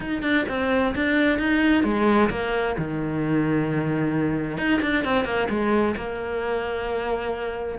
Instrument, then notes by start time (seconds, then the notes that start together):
cello
0.00 D#4
0.22 D4
0.48 C4
0.95 D4
1.39 D#4
1.83 G#3
2.30 A#3
2.78 D#3
4.57 D#4
4.81 D4
5.04 C4
5.24 A#3
5.49 G#3
5.96 A#3